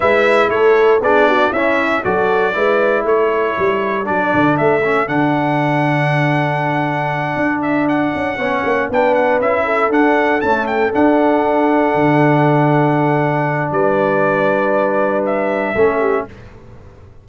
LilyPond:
<<
  \new Staff \with { instrumentName = "trumpet" } { \time 4/4 \tempo 4 = 118 e''4 cis''4 d''4 e''4 | d''2 cis''2 | d''4 e''4 fis''2~ | fis''2. e''8 fis''8~ |
fis''4. g''8 fis''8 e''4 fis''8~ | fis''8 a''8 g''8 fis''2~ fis''8~ | fis''2. d''4~ | d''2 e''2 | }
  \new Staff \with { instrumentName = "horn" } { \time 4/4 b'4 a'4 gis'8 fis'8 e'4 | a'4 b'4 a'2~ | a'1~ | a'1~ |
a'8 cis''4 b'4. a'4~ | a'1~ | a'2. b'4~ | b'2. a'8 g'8 | }
  \new Staff \with { instrumentName = "trombone" } { \time 4/4 e'2 d'4 cis'4 | fis'4 e'2. | d'4. cis'8 d'2~ | d'1~ |
d'8 cis'4 d'4 e'4 d'8~ | d'8 a4 d'2~ d'8~ | d'1~ | d'2. cis'4 | }
  \new Staff \with { instrumentName = "tuba" } { \time 4/4 gis4 a4 b4 cis'4 | fis4 gis4 a4 g4 | fis8 d8 a4 d2~ | d2~ d8 d'4. |
cis'8 b8 ais8 b4 cis'4 d'8~ | d'8 cis'4 d'2 d8~ | d2. g4~ | g2. a4 | }
>>